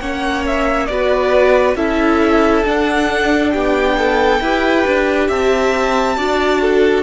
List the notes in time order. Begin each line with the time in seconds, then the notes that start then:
0.00 A#3 C#4 C#5 F#5
0.46 E5
0.86 B3 F#4 D5
0.92 B4
1.75 C#4 E4 A4 E5
2.64 D4 F#5
3.50 B3 G4 G5
3.98 A4
4.40 E4 G4 B4
4.87 D4
5.28 C4 E5 A5
6.17 D4 F#4 D5
6.61 A4